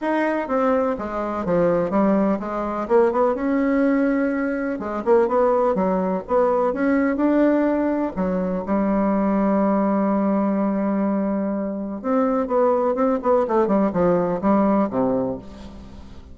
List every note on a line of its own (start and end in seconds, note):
0.01 0.48 D#4
0.48 0.96 C4
0.98 1.45 G#3
1.45 1.90 F3
1.90 2.38 G3
2.39 2.87 G#3
2.88 3.12 A#3
3.12 3.35 B3
3.35 4.79 C#4
4.79 5.03 G#3
5.04 5.28 A#3
5.28 5.74 B3
5.74 6.22 F#3
6.27 6.73 B3
6.73 7.16 C#4
7.16 8.12 D4
8.16 8.64 F#3
8.66 12.02 G3
12.02 12.47 C4
12.47 12.95 B3
12.95 13.19 C4
13.22 13.46 B3
13.47 13.67 A3
13.67 13.91 G3
13.92 14.40 F3
14.41 14.89 G3
14.90 15.38 C3